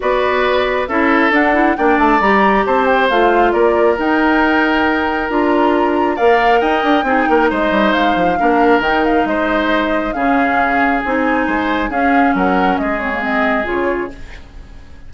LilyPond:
<<
  \new Staff \with { instrumentName = "flute" } { \time 4/4 \tempo 4 = 136 d''2 e''4 fis''4 | g''8 a''8 ais''4 a''8 g''8 f''4 | d''4 g''2. | ais''2 f''4 g''4~ |
g''4 dis''4 f''2 | g''8 f''8 dis''2 f''4~ | f''4 gis''2 f''4 | fis''4 dis''8 cis''8 dis''4 cis''4 | }
  \new Staff \with { instrumentName = "oboe" } { \time 4/4 b'2 a'2 | d''2 c''2 | ais'1~ | ais'2 d''4 dis''4 |
gis'8 ais'8 c''2 ais'4~ | ais'4 c''2 gis'4~ | gis'2 c''4 gis'4 | ais'4 gis'2. | }
  \new Staff \with { instrumentName = "clarinet" } { \time 4/4 fis'2 e'4 d'8 e'8 | d'4 g'2 f'4~ | f'4 dis'2. | f'2 ais'2 |
dis'2. d'4 | dis'2. cis'4~ | cis'4 dis'2 cis'4~ | cis'4. c'16 ais16 c'4 f'4 | }
  \new Staff \with { instrumentName = "bassoon" } { \time 4/4 b2 cis'4 d'4 | ais8 a8 g4 c'4 a4 | ais4 dis'2. | d'2 ais4 dis'8 d'8 |
c'8 ais8 gis8 g8 gis8 f8 ais4 | dis4 gis2 cis4~ | cis4 c'4 gis4 cis'4 | fis4 gis2 cis4 | }
>>